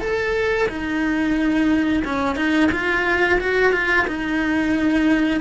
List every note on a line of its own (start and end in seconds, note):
0.00 0.67 A4
0.68 2.03 D#4
2.04 2.36 C#4
2.36 2.70 D#4
2.72 3.39 F4
3.40 3.72 F#4
3.72 4.06 F4
4.07 5.40 D#4